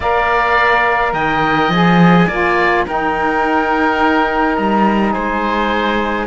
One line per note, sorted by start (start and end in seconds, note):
0.00 1.13 A#3
0.00 1.72 A#4
0.00 1.13 D5
0.00 1.13 F5
1.13 1.68 D#3
1.13 2.27 D#5
1.13 1.70 G5
1.68 2.25 F3
1.68 2.29 G#4
1.68 2.85 G#5
2.27 2.86 A#3
2.27 2.87 F4
2.27 2.85 D5
2.86 6.26 D#4
2.86 4.58 D#4
2.86 5.13 A#4
2.86 4.55 G5
4.55 5.15 G3
4.55 5.12 A#5
5.12 6.26 G#3
5.12 6.26 C5
5.12 6.26 G#5